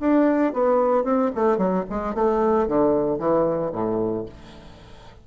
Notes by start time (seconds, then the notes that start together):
0.00 D4
0.53 B3
1.04 C4
1.35 A3
1.58 F#3
1.89 G#3
2.14 A3
2.68 D3
3.19 E3
3.72 A2